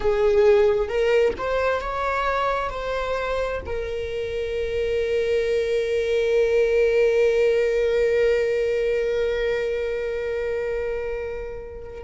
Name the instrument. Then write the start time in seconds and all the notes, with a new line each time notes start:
viola
0.00 G#4
0.88 A#4
1.37 C5
1.80 C#5
2.69 C5
3.66 A#4